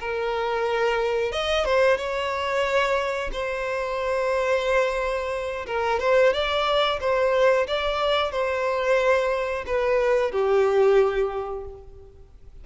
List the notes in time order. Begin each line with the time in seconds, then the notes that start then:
0.00 A#4
1.32 D#5
1.65 C5
1.97 C#5
3.32 C5
5.66 A#4
6.00 C5
6.33 D5
7.00 C5
7.67 D5
8.32 C5
9.67 B4
10.32 G4